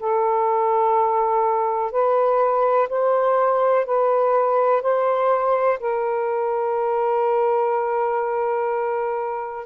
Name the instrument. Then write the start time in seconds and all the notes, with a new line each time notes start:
saxophone
0.00 A4
1.92 B4
2.89 C5
3.86 B4
4.82 C5
5.80 A#4